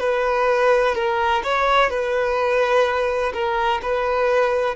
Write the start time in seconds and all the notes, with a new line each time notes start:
0.00 B4
0.95 A#4
1.43 C#5
1.90 B4
3.34 A#4
3.82 B4